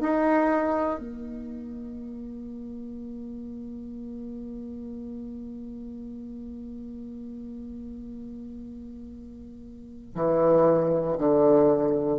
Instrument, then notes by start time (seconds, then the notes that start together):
bassoon
0.00 D#4
1.00 A#3
10.16 E3
11.18 D3